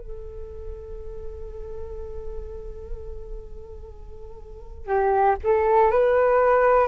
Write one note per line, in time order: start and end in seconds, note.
0.00 4.87 A4
4.87 5.37 G4
5.45 5.92 A4
5.92 6.88 B4